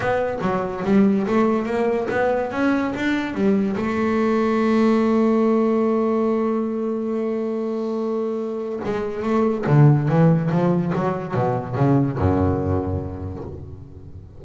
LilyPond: \new Staff \with { instrumentName = "double bass" } { \time 4/4 \tempo 4 = 143 b4 fis4 g4 a4 | ais4 b4 cis'4 d'4 | g4 a2.~ | a1~ |
a1~ | a4 gis4 a4 d4 | e4 f4 fis4 b,4 | cis4 fis,2. | }